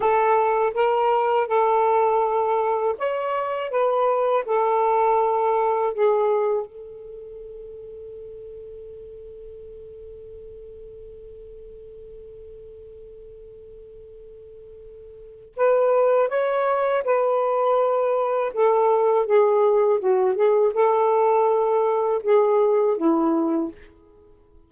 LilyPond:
\new Staff \with { instrumentName = "saxophone" } { \time 4/4 \tempo 4 = 81 a'4 ais'4 a'2 | cis''4 b'4 a'2 | gis'4 a'2.~ | a'1~ |
a'1~ | a'4 b'4 cis''4 b'4~ | b'4 a'4 gis'4 fis'8 gis'8 | a'2 gis'4 e'4 | }